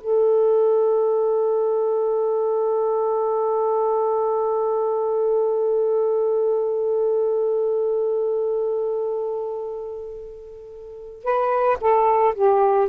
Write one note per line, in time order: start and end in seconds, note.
0.00 11.24 A4
11.24 11.77 B4
11.80 12.34 A4
12.35 12.88 G4